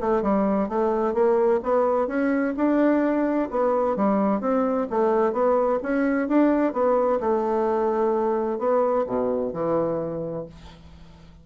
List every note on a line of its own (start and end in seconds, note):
0.00 0.22 A3
0.22 0.68 G3
0.68 1.14 A3
1.14 1.60 A#3
1.63 2.07 B3
2.07 2.54 C#4
2.56 3.49 D4
3.50 3.96 B3
3.96 4.41 G3
4.41 4.87 C4
4.90 5.33 A3
5.33 5.79 B3
5.83 6.28 C#4
6.28 6.73 D4
6.73 7.19 B3
7.20 8.58 A3
8.58 9.05 B3
9.07 9.53 B2
9.53 10.46 E3